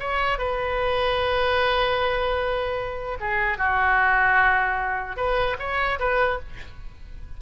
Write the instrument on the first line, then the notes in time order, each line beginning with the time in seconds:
oboe
0.00 C#5
0.38 B4
3.20 G#4
3.58 F#4
5.16 B4
5.59 C#5
5.99 B4